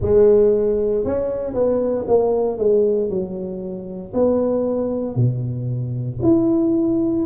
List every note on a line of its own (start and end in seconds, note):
0.01 1.04 G#3
1.04 1.54 C#4
1.54 2.05 B3
2.07 2.58 A#3
2.58 3.09 G#3
3.09 4.12 F#3
4.13 5.15 B3
5.15 6.19 B2
6.22 7.25 E4